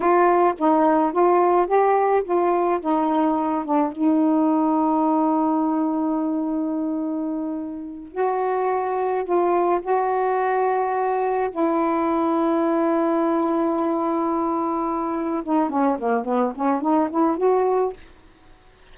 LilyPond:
\new Staff \with { instrumentName = "saxophone" } { \time 4/4 \tempo 4 = 107 f'4 dis'4 f'4 g'4 | f'4 dis'4. d'8 dis'4~ | dis'1~ | dis'2~ dis'8 fis'4.~ |
fis'8 f'4 fis'2~ fis'8~ | fis'8 e'2.~ e'8~ | e'2.~ e'8 dis'8 | cis'8 ais8 b8 cis'8 dis'8 e'8 fis'4 | }